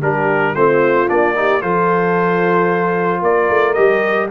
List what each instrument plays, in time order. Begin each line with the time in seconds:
0.00 tuba G3, trombone D4, horn G4, trumpet A#4
0.55 tuba A3, trombone C4, horn F4, trumpet C5
1.08 tuba A#3, trombone D4, trumpet D5
1.36 trombone D#4, horn G4
1.61 tuba F3, trombone F4, horn A4, trumpet C5
3.21 tuba A#3, horn A#4, trumpet D5
3.50 tuba A3
3.74 tuba G3, trombone G4, trumpet D#5